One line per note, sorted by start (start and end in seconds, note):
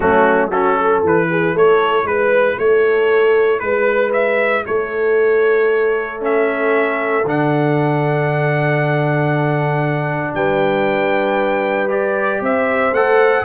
0.00 1.01 F#3
0.00 0.52 A3
0.00 0.49 C#4
0.00 0.50 F#4
0.49 1.04 C#4
0.49 0.75 F#4
0.49 1.03 A4
0.76 1.28 A4
1.03 1.54 E3
1.03 6.20 E4
1.03 1.57 B4
1.29 1.54 G#4
1.54 2.03 A3
1.54 2.06 A4
1.54 2.07 C#5
2.03 2.55 G#3
2.03 2.58 B4
2.58 3.61 A3
2.58 3.60 A4
2.58 3.59 C#5
3.59 4.65 G#3
3.59 4.11 B4
3.59 4.64 B4
4.12 4.64 E5
4.65 7.24 A3
4.65 10.34 A4
4.65 6.21 C#5
6.20 7.23 C#4
6.20 7.27 E5
7.24 10.34 D3
7.24 11.88 D4
7.24 10.34 F#5
10.34 12.40 G3
10.34 12.41 B4
10.34 11.90 G5
11.88 12.91 G4
11.88 12.42 D5
12.40 12.91 C4
12.40 13.44 C5
12.40 12.94 E5
12.91 13.43 A3
12.91 13.44 A4
12.91 13.44 F#5